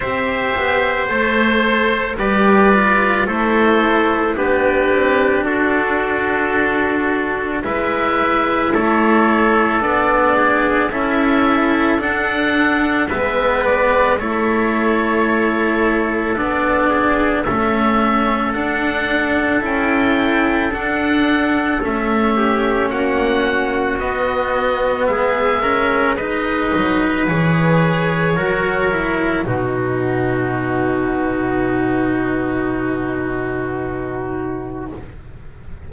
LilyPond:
<<
  \new Staff \with { instrumentName = "oboe" } { \time 4/4 \tempo 4 = 55 e''4 c''4 d''4 c''4 | b'4 a'2 e''4 | cis''4 d''4 e''4 fis''4 | e''8 d''8 cis''2 d''4 |
e''4 fis''4 g''4 fis''4 | e''4 fis''4 dis''4 e''4 | dis''4 cis''2 b'4~ | b'1 | }
  \new Staff \with { instrumentName = "trumpet" } { \time 4/4 c''2 b'4 a'4 | g'4 fis'2 b'4 | a'4. gis'8 a'2 | b'4 a'2~ a'8 gis'8 |
a'1~ | a'8 g'8 fis'2 gis'8 ais'8 | b'2 ais'4 fis'4~ | fis'1 | }
  \new Staff \with { instrumentName = "cello" } { \time 4/4 g'4 a'4 g'8 f'8 e'4 | d'2. e'4~ | e'4 d'4 e'4 d'4 | b4 e'2 d'4 |
cis'4 d'4 e'4 d'4 | cis'2 b4. cis'8 | dis'4 gis'4 fis'8 e'8 dis'4~ | dis'1 | }
  \new Staff \with { instrumentName = "double bass" } { \time 4/4 c'8 b8 a4 g4 a4 | b8 c'8 d'2 gis4 | a4 b4 cis'4 d'4 | gis4 a2 b4 |
a4 d'4 cis'4 d'4 | a4 ais4 b4 gis4~ | gis8 fis8 e4 fis4 b,4~ | b,1 | }
>>